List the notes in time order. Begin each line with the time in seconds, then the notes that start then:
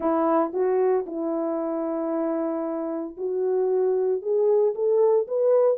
0.00 E4
0.53 F#4
1.06 E4
3.17 F#4
4.22 G#4
4.74 A4
5.27 B4